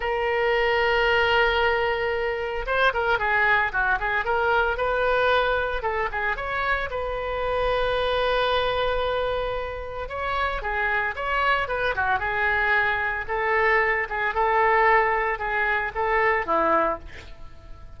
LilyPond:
\new Staff \with { instrumentName = "oboe" } { \time 4/4 \tempo 4 = 113 ais'1~ | ais'4 c''8 ais'8 gis'4 fis'8 gis'8 | ais'4 b'2 a'8 gis'8 | cis''4 b'2.~ |
b'2. cis''4 | gis'4 cis''4 b'8 fis'8 gis'4~ | gis'4 a'4. gis'8 a'4~ | a'4 gis'4 a'4 e'4 | }